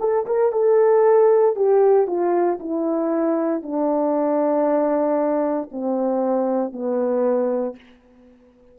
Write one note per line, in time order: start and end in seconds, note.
0.00 0.26 A4
0.26 0.52 A#4
0.52 1.56 A4
1.56 2.07 G4
2.07 2.59 F4
2.60 3.63 E4
3.63 5.69 D4
5.71 6.72 C4
6.72 7.76 B3